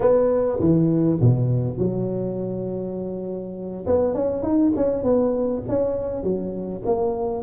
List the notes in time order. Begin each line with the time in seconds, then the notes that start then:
0.00 B3
0.60 E3
1.20 B2
1.77 F#3
3.86 B3
4.14 C#4
4.42 D#4
4.76 C#4
5.03 B3
5.68 C#4
6.23 F#3
6.85 A#3